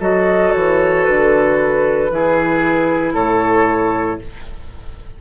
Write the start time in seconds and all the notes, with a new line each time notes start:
0.00 F#3 F#4 A4 D#5
0.52 E3 C#5
1.04 D3 B4
2.10 E3 E4 G#4
3.14 A2 A4 C#5